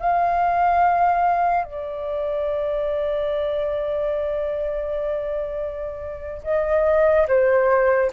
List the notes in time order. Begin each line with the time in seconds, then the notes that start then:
0.00 F5
1.64 D5
6.44 D#5
7.28 C5